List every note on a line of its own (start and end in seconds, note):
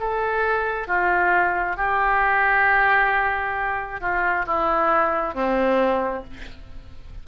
0.00 0.88 A4
0.88 1.77 F4
1.77 4.01 G4
4.01 4.45 F4
4.46 5.34 E4
5.34 6.24 C4